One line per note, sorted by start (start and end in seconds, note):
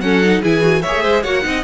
0.00 0.41 F#3
0.00 0.22 C#4
0.00 0.42 A4
0.00 0.41 F#5
0.22 0.43 D#4
0.42 0.85 E3
0.42 0.61 E4
0.42 0.82 G#4
0.42 0.82 G#5
0.61 0.81 F#4
0.82 0.94 A#3
0.82 1.25 G#4
0.82 1.02 C#5
0.82 1.23 E5
0.94 1.04 A3
1.02 1.24 G#3
1.02 1.22 C5
1.23 1.45 A#3
1.23 1.42 F#4
1.23 1.43 C#5
1.23 1.64 F#5
1.42 1.64 C4
1.42 1.62 D#4
1.42 1.64 D#5